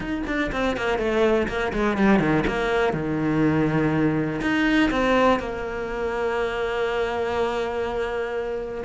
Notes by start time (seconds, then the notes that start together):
0.00 D#4
0.26 D4
0.52 C4
0.76 A#3
0.98 A3
1.48 A#3
1.72 G#3
1.97 G3
2.19 D#3
2.47 A#3
2.93 D#3
4.41 D#4
4.90 C4
5.39 A#3